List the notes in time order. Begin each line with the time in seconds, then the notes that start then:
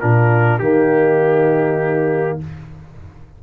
0.00 A#2 D4 F4 A#4
0.59 D#3 A#3 D#4 G4